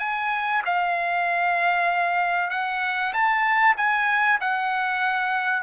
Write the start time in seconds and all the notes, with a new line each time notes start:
0.00 G#5
0.66 F5
2.51 F#5
3.14 A5
3.77 G#5
4.41 F#5